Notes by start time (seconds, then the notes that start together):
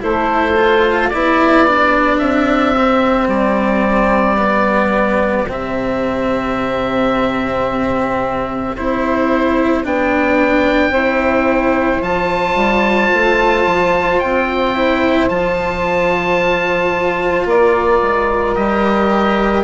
0.00 A3 E4 A4 C5
0.57 F4
1.09 B3 E4 G4 D5
1.67 D4
2.18 C4 E5
2.76 C4
3.27 G3 D5
4.37 B3
5.47 C3 C4 E5
8.76 C4 E4 C5
9.84 B3 D4 G5
10.89 C4 E4 C5
12.01 F3 F4 A5
12.55 G3
13.13 A3
13.66 F3
14.19 C4 G5
14.75 E4
15.29 F3 F4 A5
17.45 A#3 A#4 D5
18.02 G#3
18.55 G3 G4 D#5